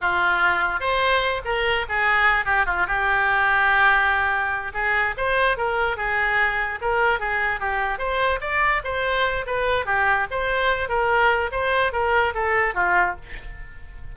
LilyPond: \new Staff \with { instrumentName = "oboe" } { \time 4/4 \tempo 4 = 146 f'2 c''4. ais'8~ | ais'8 gis'4. g'8 f'8 g'4~ | g'2.~ g'8 gis'8~ | gis'8 c''4 ais'4 gis'4.~ |
gis'8 ais'4 gis'4 g'4 c''8~ | c''8 d''4 c''4. b'4 | g'4 c''4. ais'4. | c''4 ais'4 a'4 f'4 | }